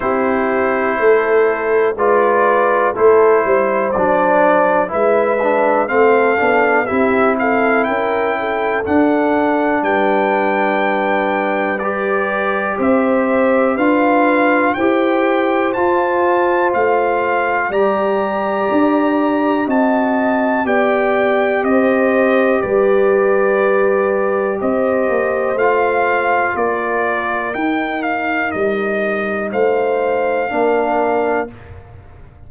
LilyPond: <<
  \new Staff \with { instrumentName = "trumpet" } { \time 4/4 \tempo 4 = 61 c''2 d''4 c''4 | d''4 e''4 f''4 e''8 f''8 | g''4 fis''4 g''2 | d''4 e''4 f''4 g''4 |
a''4 f''4 ais''2 | a''4 g''4 dis''4 d''4~ | d''4 dis''4 f''4 d''4 | g''8 f''8 dis''4 f''2 | }
  \new Staff \with { instrumentName = "horn" } { \time 4/4 g'4 a'4 b'4 a'8 c''8~ | c''4 b'4 a'4 g'8 a'8 | ais'8 a'4. b'2~ | b'4 c''4 b'4 c''4~ |
c''2 d''2 | dis''4 d''4 c''4 b'4~ | b'4 c''2 ais'4~ | ais'2 c''4 ais'4 | }
  \new Staff \with { instrumentName = "trombone" } { \time 4/4 e'2 f'4 e'4 | d'4 e'8 d'8 c'8 d'8 e'4~ | e'4 d'2. | g'2 f'4 g'4 |
f'2 g'2 | fis'4 g'2.~ | g'2 f'2 | dis'2. d'4 | }
  \new Staff \with { instrumentName = "tuba" } { \time 4/4 c'4 a4 gis4 a8 g8 | fis4 gis4 a8 b8 c'4 | cis'4 d'4 g2~ | g4 c'4 d'4 e'4 |
f'4 a4 g4 d'4 | c'4 b4 c'4 g4~ | g4 c'8 ais8 a4 ais4 | dis'4 g4 a4 ais4 | }
>>